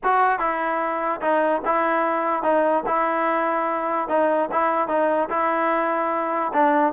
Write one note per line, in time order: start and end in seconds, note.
0.03 0.39 F#4
0.39 1.20 E4
1.21 1.62 D#4
1.65 2.42 E4
2.42 2.83 D#4
2.86 4.08 E4
4.08 4.49 D#4
4.51 4.88 E4
4.88 5.29 D#4
5.29 6.52 E4
6.53 6.93 D4